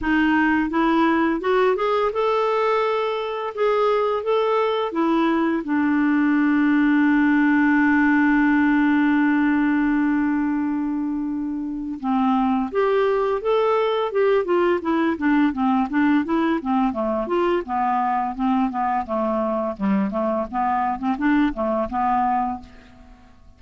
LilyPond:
\new Staff \with { instrumentName = "clarinet" } { \time 4/4 \tempo 4 = 85 dis'4 e'4 fis'8 gis'8 a'4~ | a'4 gis'4 a'4 e'4 | d'1~ | d'1~ |
d'4 c'4 g'4 a'4 | g'8 f'8 e'8 d'8 c'8 d'8 e'8 c'8 | a8 f'8 b4 c'8 b8 a4 | g8 a8 b8. c'16 d'8 a8 b4 | }